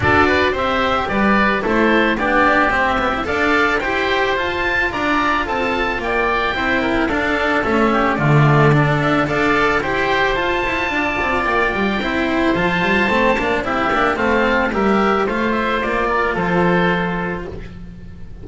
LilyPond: <<
  \new Staff \with { instrumentName = "oboe" } { \time 4/4 \tempo 4 = 110 d''4 e''4 d''4 c''4 | d''4 e''4 f''4 g''4 | a''4 ais''4 a''4 g''4~ | g''4 f''4 e''4 d''4~ |
d''8 e''8 f''4 g''4 a''4~ | a''4 g''2 a''4~ | a''4 e''4 f''4 e''4 | f''8 e''8 d''4 c''2 | }
  \new Staff \with { instrumentName = "oboe" } { \time 4/4 a'8 b'8 c''4 b'4 a'4 | g'2 d''4 c''4~ | c''4 d''4 a'4 d''4 | c''8 ais'8 a'4. g'8 f'4 |
a'4 d''4 c''2 | d''2 c''2~ | c''4 g'4 a'4 ais'4 | c''4. ais'8 a'2 | }
  \new Staff \with { instrumentName = "cello" } { \time 4/4 fis'4 g'2 e'4 | d'4 c'8 b16 e'16 a'4 g'4 | f'1 | e'4 d'4 cis'4 a4 |
d'4 a'4 g'4 f'4~ | f'2 e'4 f'4 | c'8 d'8 e'8 d'8 c'4 g'4 | f'1 | }
  \new Staff \with { instrumentName = "double bass" } { \time 4/4 d'4 c'4 g4 a4 | b4 c'4 d'4 e'4 | f'4 d'4 c'4 ais4 | c'4 d'4 a4 d4~ |
d4 d'4 e'4 f'8 e'8 | d'8 c'8 ais8 g8 c'4 f8 g8 | a8 ais8 c'8 ais8 a4 g4 | a4 ais4 f2 | }
>>